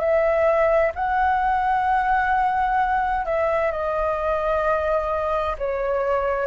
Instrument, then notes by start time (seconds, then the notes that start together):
flute
0.00 E5
0.96 F#5
3.26 E5
3.72 D#5
5.58 C#5